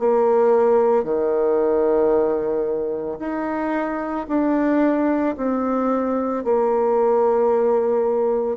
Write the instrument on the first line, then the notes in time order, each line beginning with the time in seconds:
bassoon
0.00 A#3
1.04 D#3
3.19 D#4
4.29 D4
5.37 C4
6.44 A#3